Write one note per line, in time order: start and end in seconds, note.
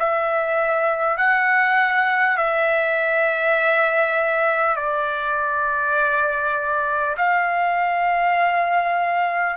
0.00 1.18 E5
1.18 2.38 F#5
2.38 4.76 E5
4.76 7.16 D5
7.18 9.57 F5